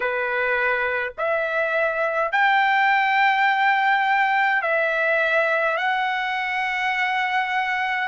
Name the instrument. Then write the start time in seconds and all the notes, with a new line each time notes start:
trumpet
0.00 B4
1.18 E5
2.31 G5
4.62 E5
5.77 F#5